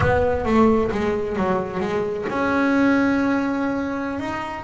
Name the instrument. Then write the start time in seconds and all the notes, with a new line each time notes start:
double bass
0.00 B3
0.45 A3
0.91 G#3
1.36 F#3
1.80 G#3
2.29 C#4
4.19 D#4